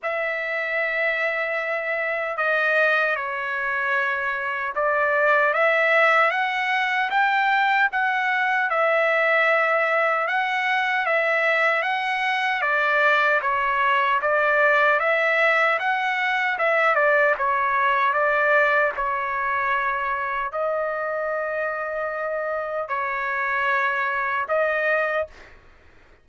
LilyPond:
\new Staff \with { instrumentName = "trumpet" } { \time 4/4 \tempo 4 = 76 e''2. dis''4 | cis''2 d''4 e''4 | fis''4 g''4 fis''4 e''4~ | e''4 fis''4 e''4 fis''4 |
d''4 cis''4 d''4 e''4 | fis''4 e''8 d''8 cis''4 d''4 | cis''2 dis''2~ | dis''4 cis''2 dis''4 | }